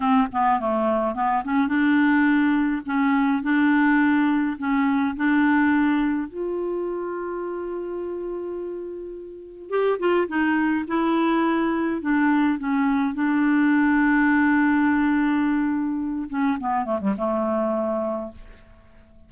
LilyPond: \new Staff \with { instrumentName = "clarinet" } { \time 4/4 \tempo 4 = 105 c'8 b8 a4 b8 cis'8 d'4~ | d'4 cis'4 d'2 | cis'4 d'2 f'4~ | f'1~ |
f'4 g'8 f'8 dis'4 e'4~ | e'4 d'4 cis'4 d'4~ | d'1~ | d'8 cis'8 b8 a16 g16 a2 | }